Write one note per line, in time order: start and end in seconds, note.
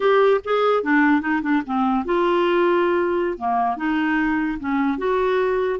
0.00 0.41 G4
0.44 0.83 G#4
0.83 1.21 D4
1.21 1.41 D#4
1.41 1.62 D4
1.65 2.05 C4
2.05 3.37 F4
3.37 3.76 A#3
3.76 4.58 D#4
4.59 4.98 C#4
4.98 5.79 F#4